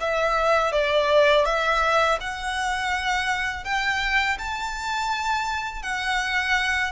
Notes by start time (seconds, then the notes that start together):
0.00 E5
0.72 D5
1.45 E5
2.20 F#5
3.64 G5
4.38 A5
5.82 F#5